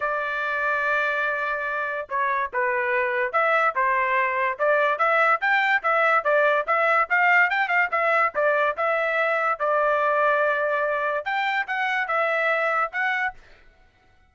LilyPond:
\new Staff \with { instrumentName = "trumpet" } { \time 4/4 \tempo 4 = 144 d''1~ | d''4 cis''4 b'2 | e''4 c''2 d''4 | e''4 g''4 e''4 d''4 |
e''4 f''4 g''8 f''8 e''4 | d''4 e''2 d''4~ | d''2. g''4 | fis''4 e''2 fis''4 | }